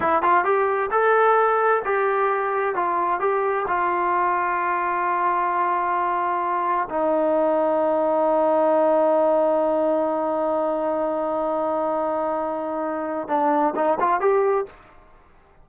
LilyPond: \new Staff \with { instrumentName = "trombone" } { \time 4/4 \tempo 4 = 131 e'8 f'8 g'4 a'2 | g'2 f'4 g'4 | f'1~ | f'2. dis'4~ |
dis'1~ | dis'1~ | dis'1~ | dis'4 d'4 dis'8 f'8 g'4 | }